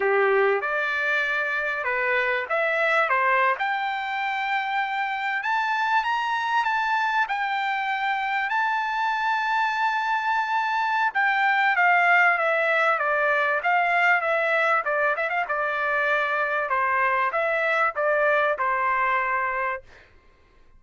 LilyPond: \new Staff \with { instrumentName = "trumpet" } { \time 4/4 \tempo 4 = 97 g'4 d''2 b'4 | e''4 c''8. g''2~ g''16~ | g''8. a''4 ais''4 a''4 g''16~ | g''4.~ g''16 a''2~ a''16~ |
a''2 g''4 f''4 | e''4 d''4 f''4 e''4 | d''8 e''16 f''16 d''2 c''4 | e''4 d''4 c''2 | }